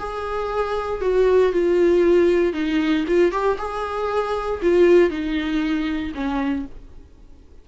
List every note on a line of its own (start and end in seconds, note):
0.00 1.02 G#4
1.02 1.53 F#4
1.53 2.54 F4
2.54 3.05 D#4
3.08 3.32 F4
3.32 3.58 G4
3.59 4.61 G#4
4.63 5.10 F4
5.10 6.13 D#4
6.15 6.66 C#4